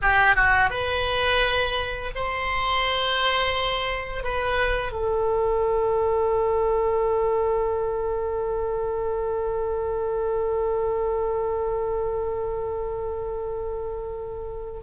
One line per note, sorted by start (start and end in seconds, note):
0.02 0.35 G4
0.35 0.69 F#4
0.69 2.10 B4
2.15 4.23 C5
4.23 4.92 B4
4.92 14.80 A4